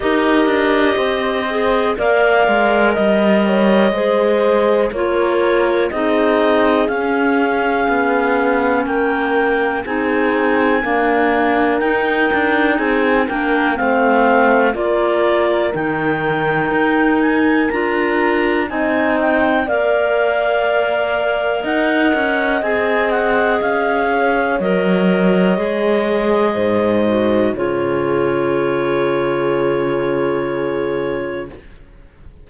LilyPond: <<
  \new Staff \with { instrumentName = "clarinet" } { \time 4/4 \tempo 4 = 61 dis''2 f''4 dis''4~ | dis''4 cis''4 dis''4 f''4~ | f''4 g''4 gis''2 | g''4 gis''8 g''8 f''4 d''4 |
g''4. gis''8 ais''4 gis''8 g''8 | f''2 fis''4 gis''8 fis''8 | f''4 dis''2. | cis''1 | }
  \new Staff \with { instrumentName = "horn" } { \time 4/4 ais'4 c''4 d''4 dis''8 cis''8 | c''4 ais'4 gis'2~ | gis'4 ais'4 gis'4 ais'4~ | ais'4 gis'8 ais'8 c''4 ais'4~ |
ais'2. dis''4 | d''2 dis''2~ | dis''8 cis''2~ cis''8 c''4 | gis'1 | }
  \new Staff \with { instrumentName = "clarinet" } { \time 4/4 g'4. gis'8 ais'2 | gis'4 f'4 dis'4 cis'4~ | cis'2 dis'4 ais4 | dis'4. d'8 c'4 f'4 |
dis'2 f'4 dis'4 | ais'2. gis'4~ | gis'4 ais'4 gis'4. fis'8 | f'1 | }
  \new Staff \with { instrumentName = "cello" } { \time 4/4 dis'8 d'8 c'4 ais8 gis8 g4 | gis4 ais4 c'4 cis'4 | b4 ais4 c'4 d'4 | dis'8 d'8 c'8 ais8 a4 ais4 |
dis4 dis'4 d'4 c'4 | ais2 dis'8 cis'8 c'4 | cis'4 fis4 gis4 gis,4 | cis1 | }
>>